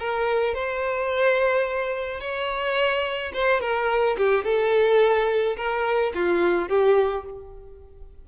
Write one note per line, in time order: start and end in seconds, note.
0.00 0.55 A#4
0.55 2.20 C5
2.20 3.33 C#5
3.34 3.61 C5
3.61 4.17 A#4
4.18 4.45 G4
4.45 5.57 A4
5.57 6.13 A#4
6.15 6.69 F4
6.69 7.25 G4